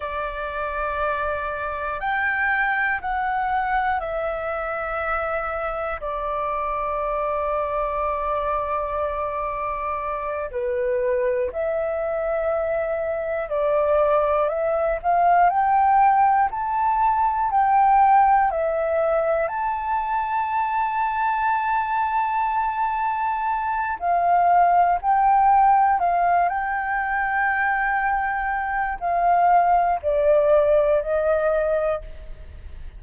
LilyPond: \new Staff \with { instrumentName = "flute" } { \time 4/4 \tempo 4 = 60 d''2 g''4 fis''4 | e''2 d''2~ | d''2~ d''8 b'4 e''8~ | e''4. d''4 e''8 f''8 g''8~ |
g''8 a''4 g''4 e''4 a''8~ | a''1 | f''4 g''4 f''8 g''4.~ | g''4 f''4 d''4 dis''4 | }